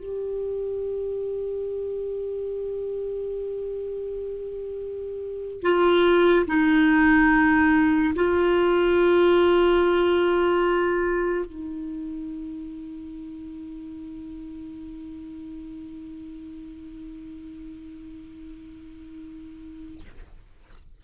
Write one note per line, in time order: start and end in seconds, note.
0.00 5.62 G4
5.62 6.46 F4
6.48 8.14 D#4
8.16 11.46 F4
11.46 20.00 D#4